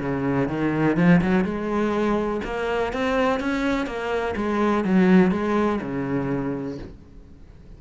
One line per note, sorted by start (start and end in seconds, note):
0.00 0.48 C#3
0.48 0.97 D#3
0.97 1.21 F3
1.21 1.44 F#3
1.44 2.41 G#3
2.44 2.93 A#3
2.93 3.40 C4
3.40 3.86 C#4
3.86 4.35 A#3
4.36 4.84 G#3
4.85 5.31 F#3
5.31 5.80 G#3
5.82 6.78 C#3